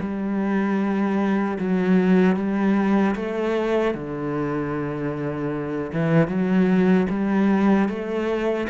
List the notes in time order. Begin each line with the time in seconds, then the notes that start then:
0.00 G3
1.59 F#3
2.36 G3
3.15 A3
3.94 D3
5.92 E3
6.28 F#3
7.09 G3
7.88 A3